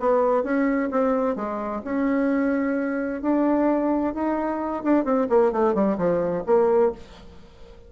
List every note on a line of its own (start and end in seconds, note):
0.00 0.44 B3
0.44 0.90 C#4
0.91 1.36 C4
1.36 1.82 G#3
1.85 3.22 C#4
3.22 4.14 D4
4.14 4.83 D#4
4.84 5.05 D4
5.05 5.28 C4
5.30 5.52 A#3
5.52 5.75 A3
5.75 5.98 G3
5.98 6.44 F3
6.46 6.92 A#3